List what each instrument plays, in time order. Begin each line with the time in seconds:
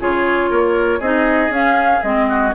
0.00 bassoon C#3, clarinet F4, oboe G#4, flute C#5
0.51 bassoon A#3, oboe A#4
0.99 bassoon C4, clarinet D#4, oboe G#4, flute D#5
1.50 bassoon C#4, clarinet C#4, flute F5
2.03 bassoon G#3, clarinet C4, flute D#5
2.29 oboe F#4